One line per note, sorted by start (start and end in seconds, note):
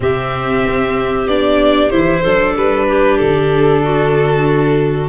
0.00 0.64 C3
0.00 1.27 C4
0.00 2.21 G4
0.00 1.27 E5
0.65 1.27 C4
1.27 1.91 B3
1.27 1.91 D4
1.27 1.89 D5
1.89 2.24 E3
1.89 2.23 E4
1.89 2.53 C5
2.21 2.55 F#3
2.21 5.08 D4
2.21 2.85 A4
2.55 3.19 G3
2.55 3.18 B4
2.87 3.83 G4
3.18 5.08 D3
3.18 5.08 A4
3.83 5.08 F#4